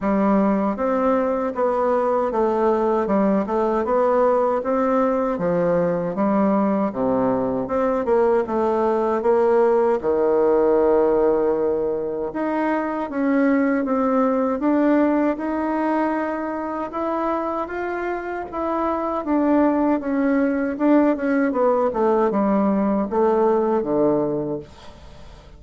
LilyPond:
\new Staff \with { instrumentName = "bassoon" } { \time 4/4 \tempo 4 = 78 g4 c'4 b4 a4 | g8 a8 b4 c'4 f4 | g4 c4 c'8 ais8 a4 | ais4 dis2. |
dis'4 cis'4 c'4 d'4 | dis'2 e'4 f'4 | e'4 d'4 cis'4 d'8 cis'8 | b8 a8 g4 a4 d4 | }